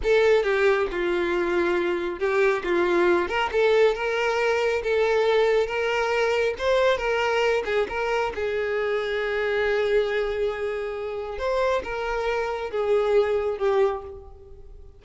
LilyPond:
\new Staff \with { instrumentName = "violin" } { \time 4/4 \tempo 4 = 137 a'4 g'4 f'2~ | f'4 g'4 f'4. ais'8 | a'4 ais'2 a'4~ | a'4 ais'2 c''4 |
ais'4. gis'8 ais'4 gis'4~ | gis'1~ | gis'2 c''4 ais'4~ | ais'4 gis'2 g'4 | }